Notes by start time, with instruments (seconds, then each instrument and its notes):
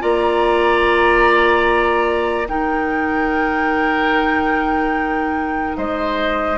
0.00 bassoon A#3, clarinet F4, oboe D5, flute A#5
2.49 bassoon D#3, clarinet D#4, oboe A#4, flute G5
5.78 bassoon G#3, oboe C5, flute D#5